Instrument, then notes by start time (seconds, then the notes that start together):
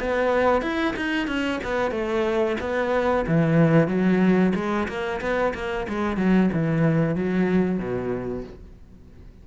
cello
0.00 B3
0.62 E4
0.96 D#4
1.28 C#4
1.64 B3
1.92 A3
2.60 B3
3.28 E3
3.88 F#3
4.55 G#3
4.88 A#3
5.21 B3
5.55 A#3
5.89 G#3
6.17 F#3
6.53 E3
7.16 F#3
7.79 B2